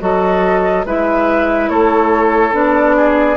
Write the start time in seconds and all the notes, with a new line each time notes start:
0.00 F#3 F#4 A4 D#5
0.85 G#3 E4 B4 E5
1.69 A3 A4 C#5
2.52 B3 D4 D5
2.97 G#4